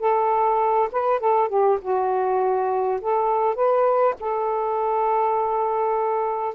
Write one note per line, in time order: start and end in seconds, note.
0.00 0.89 A4
0.92 1.20 B4
1.20 1.49 A4
1.49 1.78 G4
1.81 3.00 F#4
3.01 3.55 A4
3.55 4.14 B4
4.20 6.55 A4